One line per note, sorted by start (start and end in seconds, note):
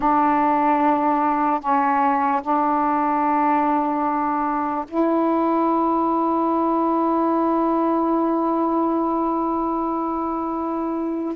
0.00 1.60 D4
1.60 2.41 C#4
2.41 4.85 D4
4.88 11.35 E4